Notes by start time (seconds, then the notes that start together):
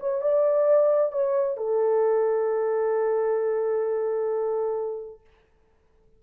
0.00 C#5
0.22 D5
1.13 C#5
1.57 A4